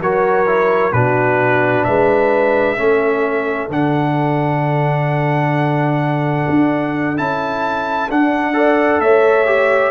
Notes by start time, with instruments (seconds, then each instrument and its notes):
0.00 tuba F#3, trombone F#4, horn A#4, trumpet C#5
0.46 trombone E4
0.92 tuba B2, trombone D4, horn F#4, trumpet B4
1.84 tuba G#3, horn B4, trumpet E5
2.77 tuba A3, trombone C#4, horn A4
3.69 tuba D3, trombone D4, trumpet F#5
6.49 tuba D4
7.16 tuba C#4, trombone E4, trumpet A5
8.10 trombone D4, tuba D4, trumpet F#5
8.53 trombone A4, horn D5
8.99 tuba A3, horn C#5, trumpet E5
9.46 trombone G4